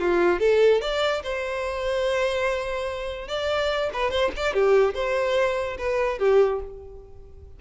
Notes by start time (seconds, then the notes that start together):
0.00 F4
0.40 A4
0.81 D5
1.24 C5
3.28 D5
3.93 B4
4.11 C5
4.37 D5
4.54 G4
4.95 C5
5.78 B4
6.19 G4